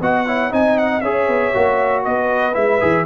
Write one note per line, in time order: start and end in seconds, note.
0.00 0.52 B3
0.00 0.27 F#4
0.00 0.25 D#5
0.00 0.53 F#5
0.26 0.51 E4
0.26 0.52 C#5
0.51 1.02 C4
0.51 1.01 D#4
0.51 1.02 D#5
0.51 0.78 G#5
0.78 1.01 F#5
1.01 1.28 C#4
1.01 1.54 G#4
1.01 2.04 C#5
1.01 2.03 E5
1.28 1.53 B3
1.54 2.06 A#3
1.54 2.53 F#4
2.05 2.56 B3
2.05 3.06 B4
2.05 2.54 D#5
2.53 2.81 G#3
2.53 2.79 E4
2.53 3.05 E5
2.80 3.06 E3
2.80 3.06 G#4